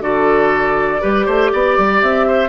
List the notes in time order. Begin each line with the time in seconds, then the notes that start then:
0.00 D3 F#4 A4 D5
1.00 G3 G4 B4
1.26 A3 C5
1.53 B3 D5
1.78 G3
2.01 C4 E5
2.27 C5